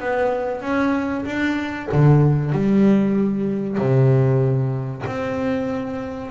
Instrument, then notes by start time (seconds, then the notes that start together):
double bass
0.00 B3
0.62 C#4
1.25 D4
1.92 D3
2.53 G3
3.78 C3
5.06 C4